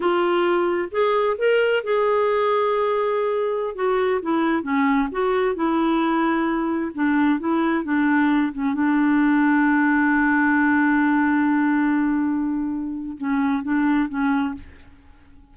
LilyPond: \new Staff \with { instrumentName = "clarinet" } { \time 4/4 \tempo 4 = 132 f'2 gis'4 ais'4 | gis'1~ | gis'16 fis'4 e'4 cis'4 fis'8.~ | fis'16 e'2. d'8.~ |
d'16 e'4 d'4. cis'8 d'8.~ | d'1~ | d'1~ | d'4 cis'4 d'4 cis'4 | }